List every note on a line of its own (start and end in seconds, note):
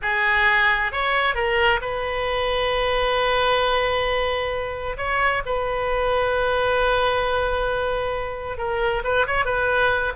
0.02 0.91 G#4
0.91 1.35 C#5
1.35 1.80 A#4
1.81 4.96 B4
4.97 5.42 C#5
5.45 8.57 B4
8.57 9.02 A#4
9.03 9.26 B4
9.26 9.45 C#5
9.45 10.12 B4